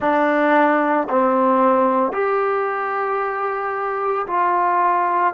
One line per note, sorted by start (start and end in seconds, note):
0.00 1.08 D4
1.09 2.12 C4
2.12 4.26 G4
4.26 5.33 F4